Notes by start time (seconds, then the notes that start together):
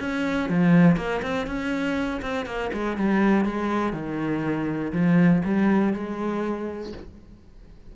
0.00 C#4
0.50 F3
0.97 A#3
1.23 C4
1.47 C#4
2.22 C4
2.46 A#3
2.73 G#3
2.97 G3
3.45 G#3
3.93 D#3
4.93 F3
5.45 G3
5.94 G#3